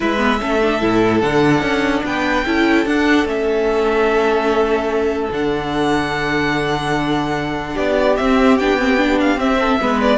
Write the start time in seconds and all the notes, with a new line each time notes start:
0.00 G#3 E4 B4 E5
0.17 B3
0.40 A3 C#4 A4
0.61 D4
0.80 A2 E4
1.20 D3 D4 F#5
1.61 C#4
2.03 B3 B4 G5
2.45 C#4 E4 A4
2.85 D4 F#5
3.24 A3 C#4 E5
5.31 D3 D4 F#5
7.72 B3 G4 D5
8.16 C4 E5
8.57 B3 D4 G5
8.79 C4
8.97 D4
9.20 F5
9.36 C4 E5
9.59 A4
9.81 G#3 B3 B4
10.01 D5